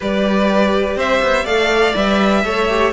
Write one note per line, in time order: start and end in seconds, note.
0.00 0.96 G3
0.00 1.46 G4
0.00 0.97 B4
0.00 0.99 D5
0.96 1.20 C4
0.96 1.44 C5
0.96 1.46 E5
1.21 1.45 B3
1.44 1.94 A3
1.44 1.94 A4
1.44 2.41 D5
1.44 1.95 F5
1.94 2.44 G3
1.94 2.43 B4
1.94 2.93 E5
2.44 2.93 A3
2.44 2.68 A4
2.44 2.93 C#5
2.69 2.93 G4